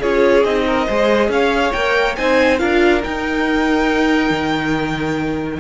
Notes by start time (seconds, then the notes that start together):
0.00 C#4 F4 G#4 C#5
0.44 C4 D#4 D#5
0.67 A#4
0.87 G#3 G#4 C5
1.29 C#4 C#5 F5
1.73 A#3 A#4 G5
2.16 C4 D#4 C5 G#5
2.59 D4 F4 A#4 F5
3.02 D#4 G5
4.30 D#3